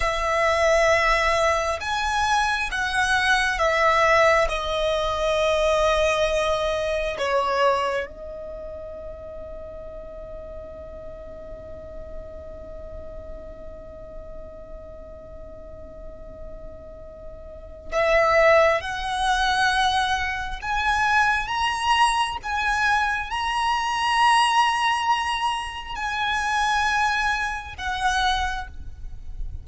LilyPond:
\new Staff \with { instrumentName = "violin" } { \time 4/4 \tempo 4 = 67 e''2 gis''4 fis''4 | e''4 dis''2. | cis''4 dis''2.~ | dis''1~ |
dis''1 | e''4 fis''2 gis''4 | ais''4 gis''4 ais''2~ | ais''4 gis''2 fis''4 | }